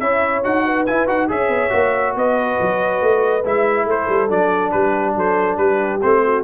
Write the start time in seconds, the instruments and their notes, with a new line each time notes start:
0.00 tuba C#4, trombone E4, horn C#5, trumpet E5
0.44 tuba D#4, trombone F#4, trumpet F#5
0.66 horn B4
0.87 trombone E4, tuba E4, trumpet G#5
1.07 tuba D#4, trombone F#4, trumpet F#5
1.29 tuba C#4, trombone G#4, horn C#5, trumpet E5
1.49 tuba B3
1.70 tuba A#3, trombone F#4
2.16 tuba B3, horn B4, trumpet D#5
2.61 tuba F#3
3.02 tuba A3
3.45 tuba G#3, trombone E4, trumpet E5
3.86 tuba A3, horn A4, trumpet C5
4.09 tuba G3
4.29 tuba F#3, trombone D4, trumpet D5
4.72 tuba G3, horn G4, trumpet B4
5.16 tuba F#3, horn A4, trumpet C5
5.58 tuba G3, horn G4, trumpet B4
6.02 tuba A3, trombone C4, trumpet C5
6.25 horn F#4